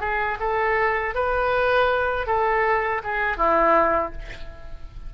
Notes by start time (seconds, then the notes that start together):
0.00 G#4
0.40 A4
1.14 B4
2.26 A4
3.03 G#4
3.37 E4